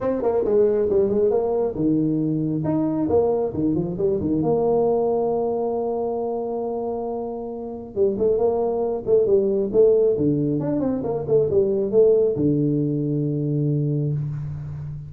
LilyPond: \new Staff \with { instrumentName = "tuba" } { \time 4/4 \tempo 4 = 136 c'8 ais8 gis4 g8 gis8 ais4 | dis2 dis'4 ais4 | dis8 f8 g8 dis8 ais2~ | ais1~ |
ais2 g8 a8 ais4~ | ais8 a8 g4 a4 d4 | d'8 c'8 ais8 a8 g4 a4 | d1 | }